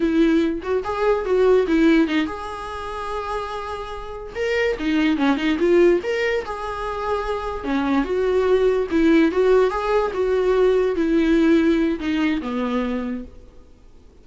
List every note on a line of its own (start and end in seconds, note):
0.00 0.61 E4
0.62 0.83 F#4
0.84 1.25 G#4
1.25 1.66 F#4
1.67 2.07 E4
2.07 2.26 D#4
2.26 4.33 G#4
4.35 4.76 A#4
4.79 5.17 D#4
5.17 5.36 C#4
5.36 5.57 D#4
5.59 6.00 F4
6.03 6.44 A#4
6.45 7.63 G#4
7.63 8.04 C#4
8.04 8.87 F#4
8.91 9.31 E4
9.31 9.70 F#4
9.70 10.11 G#4
10.13 10.95 F#4
10.95 11.99 E4
11.99 12.41 D#4
12.41 13.24 B3